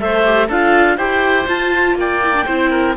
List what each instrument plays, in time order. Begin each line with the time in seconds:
0.00 cello A3, viola A4, oboe C5, clarinet E5
0.25 viola G4
0.48 cello D4, viola F4, oboe A4, clarinet F5
0.97 cello E4, viola G4, oboe C5, clarinet G5
1.48 cello F4, viola F4, clarinet A5
1.95 cello A#3, oboe D5, clarinet G5
2.24 viola E4
2.34 viola D4
2.46 cello C4, viola E4, oboe C5
2.71 oboe A#4